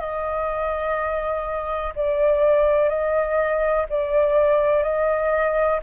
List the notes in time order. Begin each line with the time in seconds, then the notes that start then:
0.00 D#5
1.95 D5
2.89 D#5
3.90 D5
4.83 D#5